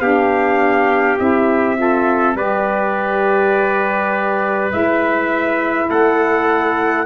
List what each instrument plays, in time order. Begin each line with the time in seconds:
0.00 tuba B3, saxophone D4, trumpet G4 F5
1.17 tuba C4, saxophone E4, trumpet E5
1.75 saxophone F4, trumpet A4
2.35 tuba G3, saxophone G4, trumpet B4 D5
4.69 tuba G#3, saxophone E4, trumpet E5
5.89 tuba A3, trumpet A4 F#5